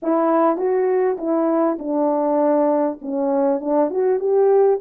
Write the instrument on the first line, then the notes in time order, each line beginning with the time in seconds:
horn
0.02 E4
0.57 F#4
1.18 E4
1.78 D4
3.01 C#4
3.60 D4
3.90 F#4
4.19 G4